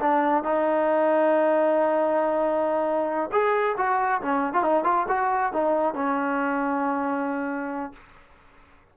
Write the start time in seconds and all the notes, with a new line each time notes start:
0.00 D4
0.44 D#4
3.32 G#4
3.77 F#4
4.22 C#4
4.53 F4
4.63 D#4
4.84 F4
5.09 F#4
5.53 D#4
5.95 C#4